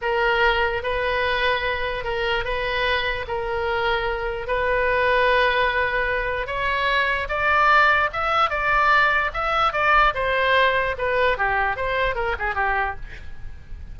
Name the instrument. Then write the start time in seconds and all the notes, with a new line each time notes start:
oboe
0.01 A#4
0.82 B4
2.04 A#4
2.44 B4
3.27 A#4
4.47 B4
6.46 C#5
7.28 D5
8.12 E5
8.49 D5
9.33 E5
9.72 D5
10.14 C5
10.98 B4
11.37 G4
11.76 C5
12.15 A#4
12.39 G#4
12.55 G4